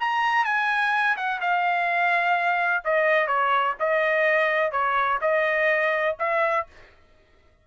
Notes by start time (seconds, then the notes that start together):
0.00 A#5
0.45 G#5
1.16 F#5
1.41 F5
2.84 D#5
3.27 C#5
3.79 D#5
4.71 C#5
5.21 D#5
6.19 E5